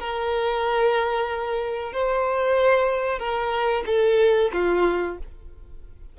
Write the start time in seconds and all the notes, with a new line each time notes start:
0.00 A#4
1.93 C5
3.19 A#4
3.87 A4
4.53 F4